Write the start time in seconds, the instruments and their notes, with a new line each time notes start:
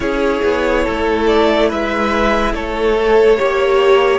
0.00 cello C#4, viola E4, violin G#4 C#5
0.43 cello B3
0.84 cello A3, violin A4
1.26 violin D5
1.68 cello G#3, violin B4 E5
2.52 cello A3, violin A4 C#5
2.96 viola A4
3.37 cello A#3, viola G4, violin C#5